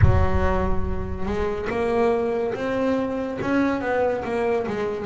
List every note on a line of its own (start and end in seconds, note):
0.01 1.25 F#3
1.25 1.67 G#3
1.69 2.54 A#3
2.54 3.38 C4
3.41 3.81 C#4
3.81 4.23 B3
4.24 4.66 A#3
4.67 5.05 G#3